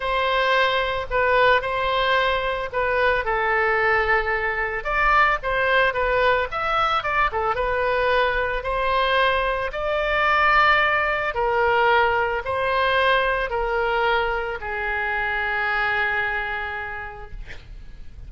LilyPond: \new Staff \with { instrumentName = "oboe" } { \time 4/4 \tempo 4 = 111 c''2 b'4 c''4~ | c''4 b'4 a'2~ | a'4 d''4 c''4 b'4 | e''4 d''8 a'8 b'2 |
c''2 d''2~ | d''4 ais'2 c''4~ | c''4 ais'2 gis'4~ | gis'1 | }